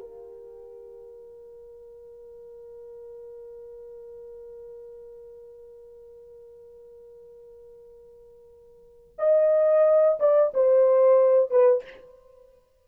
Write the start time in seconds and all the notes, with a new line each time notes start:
0.00 A#4
9.19 D#5
10.20 D5
10.55 C5
11.51 B4